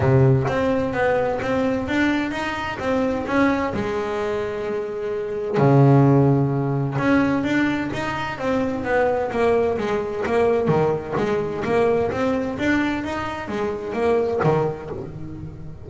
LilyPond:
\new Staff \with { instrumentName = "double bass" } { \time 4/4 \tempo 4 = 129 c4 c'4 b4 c'4 | d'4 dis'4 c'4 cis'4 | gis1 | cis2. cis'4 |
d'4 dis'4 c'4 b4 | ais4 gis4 ais4 dis4 | gis4 ais4 c'4 d'4 | dis'4 gis4 ais4 dis4 | }